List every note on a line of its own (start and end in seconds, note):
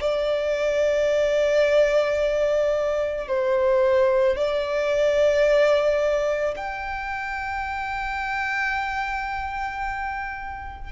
0.00 3.27 D5
3.28 4.36 C5
4.36 6.55 D5
6.56 10.92 G5